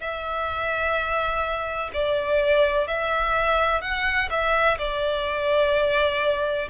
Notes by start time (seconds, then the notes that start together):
0.00 E5
1.94 D5
2.87 E5
3.81 F#5
4.30 E5
4.78 D5